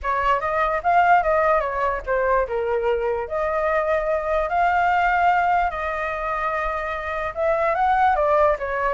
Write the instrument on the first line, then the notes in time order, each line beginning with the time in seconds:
flute
0.02 C#5
0.40 D#5
0.83 F5
1.22 D#5
1.60 C#5
2.06 C5
2.47 A#4
3.28 D#5
4.49 F5
5.70 D#5
7.34 E5
7.75 F#5
8.15 D5
8.58 C#5